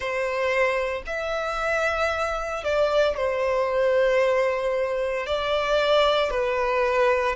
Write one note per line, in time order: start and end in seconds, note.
0.00 1.02 C5
1.06 2.64 E5
2.64 3.16 D5
3.16 5.26 C5
5.26 6.30 D5
6.30 7.35 B4